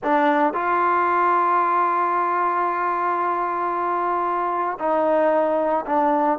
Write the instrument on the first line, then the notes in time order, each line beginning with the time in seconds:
trombone
0.03 D4
0.53 F4
4.79 D#4
5.86 D4